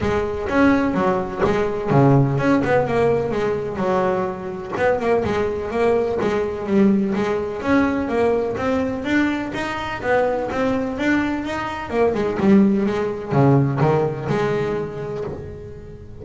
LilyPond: \new Staff \with { instrumentName = "double bass" } { \time 4/4 \tempo 4 = 126 gis4 cis'4 fis4 gis4 | cis4 cis'8 b8 ais4 gis4 | fis2 b8 ais8 gis4 | ais4 gis4 g4 gis4 |
cis'4 ais4 c'4 d'4 | dis'4 b4 c'4 d'4 | dis'4 ais8 gis8 g4 gis4 | cis4 dis4 gis2 | }